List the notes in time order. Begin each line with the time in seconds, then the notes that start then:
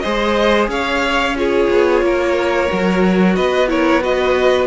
0.00 G#3 G#4 C5 D#5
0.68 C#4 C#5 F5
1.36 F4 G#4 C#5
1.70 B3
2.01 A#3 A#4
2.68 F#3 F#4
3.35 B3 B4 D#5
3.67 E4 A#4 C#5
4.01 F#4 B4 D#5